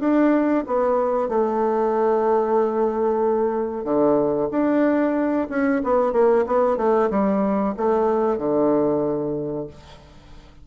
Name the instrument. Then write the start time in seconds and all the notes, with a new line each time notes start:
bassoon
0.00 D4
0.67 B3
1.29 A3
3.84 D3
4.51 D4
5.50 C#4
5.84 B3
6.13 A#3
6.47 B3
6.77 A3
7.10 G3
7.77 A3
8.38 D3